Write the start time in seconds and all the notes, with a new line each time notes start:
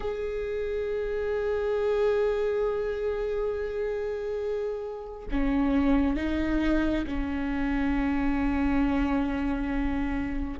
0.00 G#4
5.31 C#4
6.16 D#4
7.06 C#4